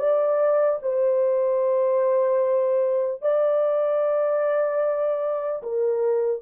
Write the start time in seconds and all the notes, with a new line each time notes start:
0.00 D5
0.83 C5
3.22 D5
5.63 A#4